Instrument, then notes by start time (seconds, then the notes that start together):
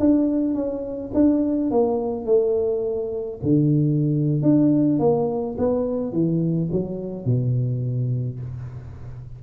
tuba
0.00 D4
0.55 C#4
1.14 D4
1.71 A#3
2.26 A3
3.43 D3
4.43 D4
4.99 A#3
5.58 B3
6.13 E3
6.72 F#3
7.25 B2